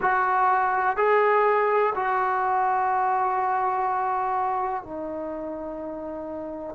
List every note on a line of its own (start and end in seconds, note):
0.01 0.97 F#4
0.97 1.94 G#4
1.95 4.83 F#4
4.83 6.75 D#4